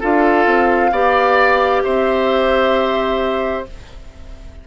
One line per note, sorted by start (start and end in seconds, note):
0.00 0.46 D4
0.00 0.92 F4
0.00 0.91 A4
0.00 1.83 F5
0.46 0.91 C4
0.91 1.82 B3
0.91 3.66 G4
0.91 1.83 D5
1.83 3.67 C4
1.83 3.66 C5
1.83 3.65 E5